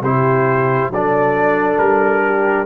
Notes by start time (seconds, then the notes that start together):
0.00 C3 E4 G4 C5
0.88 F#3 A4 D5
0.94 D4
1.78 G3 A#4
2.25 G4